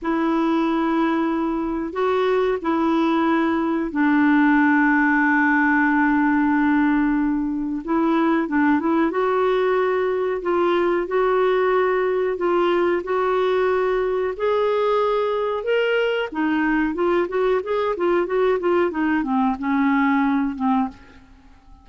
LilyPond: \new Staff \with { instrumentName = "clarinet" } { \time 4/4 \tempo 4 = 92 e'2. fis'4 | e'2 d'2~ | d'1 | e'4 d'8 e'8 fis'2 |
f'4 fis'2 f'4 | fis'2 gis'2 | ais'4 dis'4 f'8 fis'8 gis'8 f'8 | fis'8 f'8 dis'8 c'8 cis'4. c'8 | }